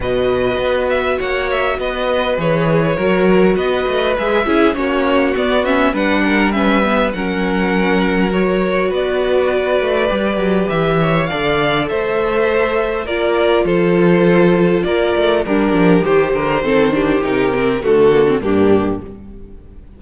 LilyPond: <<
  \new Staff \with { instrumentName = "violin" } { \time 4/4 \tempo 4 = 101 dis''4. e''8 fis''8 e''8 dis''4 | cis''2 dis''4 e''4 | cis''4 d''8 e''8 fis''4 e''4 | fis''2 cis''4 d''4~ |
d''2 e''4 f''4 | e''2 d''4 c''4~ | c''4 d''4 ais'4 c''4~ | c''4 ais'4 a'4 g'4 | }
  \new Staff \with { instrumentName = "violin" } { \time 4/4 b'2 cis''4 b'4~ | b'4 ais'4 b'4. gis'8 | fis'2 b'8 ais'8 b'4 | ais'2. b'4~ |
b'2~ b'8 cis''8 d''4 | c''2 ais'4 a'4~ | a'4 ais'4 d'4 g'8 ais'8 | a'8 g'4. fis'4 d'4 | }
  \new Staff \with { instrumentName = "viola" } { \time 4/4 fis'1 | gis'4 fis'2 gis'8 e'8 | cis'4 b8 cis'8 d'4 cis'8 b8 | cis'2 fis'2~ |
fis'4 g'2 a'4~ | a'2 f'2~ | f'2 g'2 | c'8 d'8 dis'8 c'8 a8 ais16 c'16 ais4 | }
  \new Staff \with { instrumentName = "cello" } { \time 4/4 b,4 b4 ais4 b4 | e4 fis4 b8 a8 gis8 cis'8 | ais4 b4 g2 | fis2. b4~ |
b8 a8 g8 fis8 e4 d4 | a2 ais4 f4~ | f4 ais8 a8 g8 f8 dis8 d8 | dis4 c4 d4 g,4 | }
>>